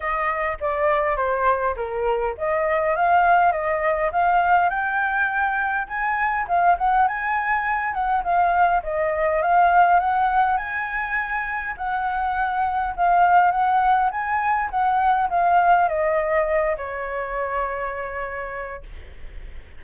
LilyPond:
\new Staff \with { instrumentName = "flute" } { \time 4/4 \tempo 4 = 102 dis''4 d''4 c''4 ais'4 | dis''4 f''4 dis''4 f''4 | g''2 gis''4 f''8 fis''8 | gis''4. fis''8 f''4 dis''4 |
f''4 fis''4 gis''2 | fis''2 f''4 fis''4 | gis''4 fis''4 f''4 dis''4~ | dis''8 cis''2.~ cis''8 | }